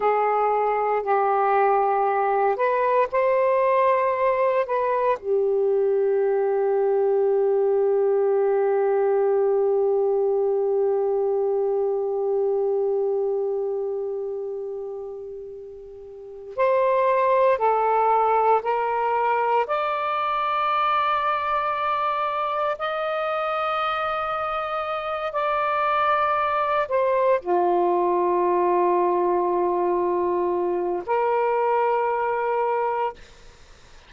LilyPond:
\new Staff \with { instrumentName = "saxophone" } { \time 4/4 \tempo 4 = 58 gis'4 g'4. b'8 c''4~ | c''8 b'8 g'2.~ | g'1~ | g'1 |
c''4 a'4 ais'4 d''4~ | d''2 dis''2~ | dis''8 d''4. c''8 f'4.~ | f'2 ais'2 | }